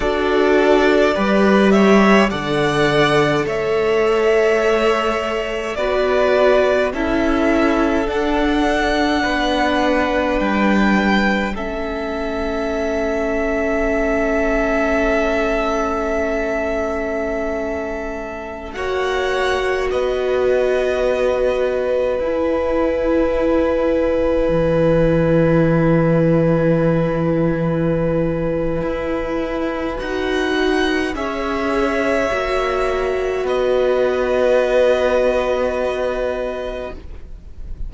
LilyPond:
<<
  \new Staff \with { instrumentName = "violin" } { \time 4/4 \tempo 4 = 52 d''4. e''8 fis''4 e''4~ | e''4 d''4 e''4 fis''4~ | fis''4 g''4 e''2~ | e''1~ |
e''16 fis''4 dis''2 gis''8.~ | gis''1~ | gis''2 fis''4 e''4~ | e''4 dis''2. | }
  \new Staff \with { instrumentName = "violin" } { \time 4/4 a'4 b'8 cis''8 d''4 cis''4~ | cis''4 b'4 a'2 | b'2 a'2~ | a'1~ |
a'16 cis''4 b'2~ b'8.~ | b'1~ | b'2. cis''4~ | cis''4 b'2. | }
  \new Staff \with { instrumentName = "viola" } { \time 4/4 fis'4 g'4 a'2~ | a'4 fis'4 e'4 d'4~ | d'2 cis'2~ | cis'1~ |
cis'16 fis'2. e'8.~ | e'1~ | e'2 fis'4 gis'4 | fis'1 | }
  \new Staff \with { instrumentName = "cello" } { \time 4/4 d'4 g4 d4 a4~ | a4 b4 cis'4 d'4 | b4 g4 a2~ | a1~ |
a16 ais4 b2 e'8.~ | e'4~ e'16 e2~ e8.~ | e4 e'4 dis'4 cis'4 | ais4 b2. | }
>>